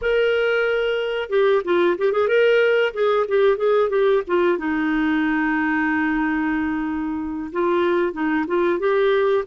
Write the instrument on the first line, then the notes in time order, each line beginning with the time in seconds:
clarinet
0.01 A#4
1.29 G4
1.64 F4
1.97 G4
2.12 G#4
2.28 A#4
2.93 G#4
3.28 G4
3.57 G#4
3.89 G4
4.27 F4
4.57 D#4
7.52 F4
8.12 D#4
8.47 F4
8.79 G4